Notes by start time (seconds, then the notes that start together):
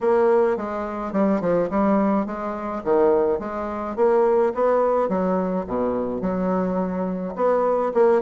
0.01 A#3
0.56 G#3
1.12 G3
1.40 F3
1.70 G3
2.26 G#3
2.84 D#3
3.39 G#3
3.96 A#3
4.54 B3
5.08 F#3
5.67 B2
6.21 F#3
7.35 B3
7.94 A#3